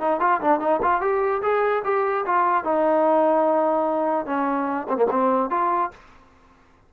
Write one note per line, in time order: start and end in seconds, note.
0.00 0.20 D#4
0.20 0.41 F4
0.41 0.60 D4
0.60 0.81 D#4
0.82 1.01 F4
1.01 1.42 G4
1.42 1.83 G#4
1.84 2.25 G4
2.26 2.64 F4
2.64 4.26 D#4
4.26 4.87 C#4
4.89 4.96 C4
4.96 5.06 A#3
5.11 5.50 C4
5.50 5.91 F4